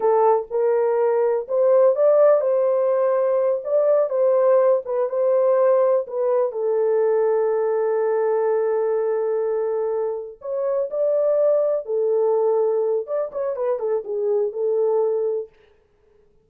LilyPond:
\new Staff \with { instrumentName = "horn" } { \time 4/4 \tempo 4 = 124 a'4 ais'2 c''4 | d''4 c''2~ c''8 d''8~ | d''8 c''4. b'8 c''4.~ | c''8 b'4 a'2~ a'8~ |
a'1~ | a'4. cis''4 d''4.~ | d''8 a'2~ a'8 d''8 cis''8 | b'8 a'8 gis'4 a'2 | }